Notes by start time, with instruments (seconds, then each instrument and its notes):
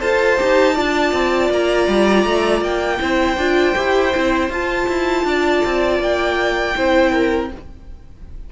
0.00 cello F4, viola A4, violin C5 A5
0.38 cello D#4, viola G4
0.74 cello D4, viola F4, violin D5
1.12 cello C4
1.50 cello A#3, violin A#5
1.88 cello G3
2.25 cello A3
2.61 cello A#3, violin G5
2.99 cello C4, viola E4, violin C5
3.37 cello D4, viola F4
3.75 cello E4, viola G4
4.13 cello C4, viola E4
4.50 cello F4, viola F4, violin A5
4.88 cello E4
5.24 cello D4, violin D5
5.65 cello C4
6.00 cello A#3, violin G5
6.75 cello C4, viola E4, violin C5
7.12 violin A#4